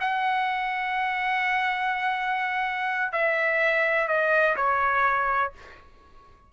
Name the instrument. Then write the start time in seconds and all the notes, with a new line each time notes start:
trumpet
0.00 F#5
3.12 E5
4.08 D#5
4.56 C#5